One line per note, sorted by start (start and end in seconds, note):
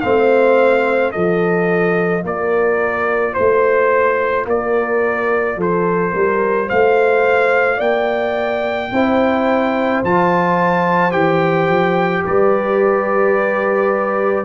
0.00 1.14 A3
0.00 1.13 C4
0.00 1.11 C5
0.00 1.11 F5
1.11 2.23 F3
1.11 8.91 F4
1.11 2.22 A4
1.11 2.23 D#5
2.23 3.34 A#3
2.23 3.33 A#4
2.23 3.34 D5
3.33 4.46 A3
3.33 4.44 C5
3.33 4.45 C5
4.46 5.56 A#3
4.46 5.57 A#4
4.46 5.60 D5
5.56 6.12 F3
5.56 6.12 A4
5.56 6.69 C5
6.12 6.70 G3
6.12 6.67 A#4
6.67 7.79 A3
6.67 7.77 C5
6.67 7.80 F5
7.77 8.91 A#3
7.77 8.88 D5
7.77 10.02 G5
8.91 10.03 C4
8.91 10.05 E4
8.91 12.25 C5
10.03 11.13 F3
10.03 11.11 F4
10.03 11.12 A5
11.11 11.69 E3
11.11 14.45 G4
11.11 12.23 G5
11.69 12.24 F3
12.25 14.45 G3
12.25 14.45 B4
12.25 14.45 D5